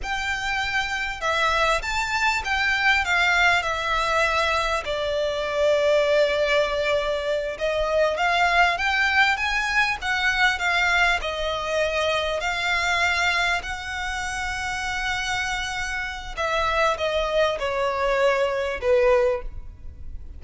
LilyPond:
\new Staff \with { instrumentName = "violin" } { \time 4/4 \tempo 4 = 99 g''2 e''4 a''4 | g''4 f''4 e''2 | d''1~ | d''8 dis''4 f''4 g''4 gis''8~ |
gis''8 fis''4 f''4 dis''4.~ | dis''8 f''2 fis''4.~ | fis''2. e''4 | dis''4 cis''2 b'4 | }